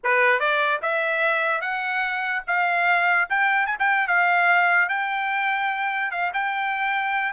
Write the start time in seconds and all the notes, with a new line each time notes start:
0.03 B4
0.39 D5
0.82 E5
1.61 F#5
2.47 F5
3.29 G5
3.66 G#5
3.79 G5
4.07 F5
4.88 G5
6.11 F5
6.33 G5